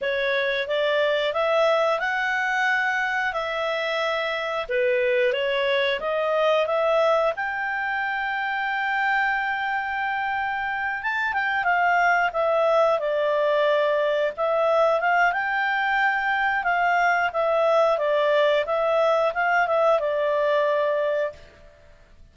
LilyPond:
\new Staff \with { instrumentName = "clarinet" } { \time 4/4 \tempo 4 = 90 cis''4 d''4 e''4 fis''4~ | fis''4 e''2 b'4 | cis''4 dis''4 e''4 g''4~ | g''1~ |
g''8 a''8 g''8 f''4 e''4 d''8~ | d''4. e''4 f''8 g''4~ | g''4 f''4 e''4 d''4 | e''4 f''8 e''8 d''2 | }